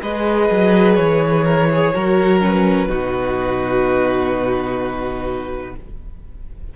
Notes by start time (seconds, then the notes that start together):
0.00 G#3 G#4 B4 D#5
0.50 F#3
0.95 E3 C#5
1.44 A#4
1.71 G#4
1.93 F#3 F#4 A#4
2.40 C#4 B4
2.88 B2 D#4 F#4